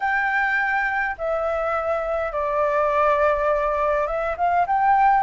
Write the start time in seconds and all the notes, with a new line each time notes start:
0.00 G5
1.18 E5
2.32 D5
4.06 E5
4.37 F5
4.66 G5